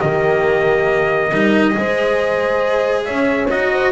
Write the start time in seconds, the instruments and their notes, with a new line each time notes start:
0.00 double bass D#3, cello A#3, horn G4, trumpet D#5
1.31 double bass G3, cello D#4, horn A#4
1.72 double bass G#3, cello G#4
1.79 horn C5
3.05 double bass C#4, horn C#5, trumpet E5
3.50 double bass D#4, cello F#4, trumpet D#5
3.72 horn C5